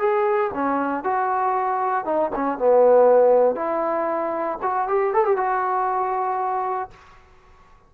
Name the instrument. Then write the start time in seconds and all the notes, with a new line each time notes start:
trombone
0.00 G#4
0.54 C#4
1.04 F#4
2.06 D#4
2.36 C#4
2.58 B3
3.56 E4
4.63 F#4
4.88 G4
5.14 A4
5.25 G4
5.37 F#4